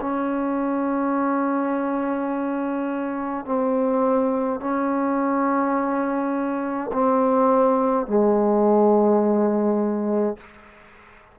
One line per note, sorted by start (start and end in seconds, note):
0.00 3.45 C#4
3.45 4.60 C4
4.60 6.91 C#4
6.92 8.07 C4
8.07 10.37 G#3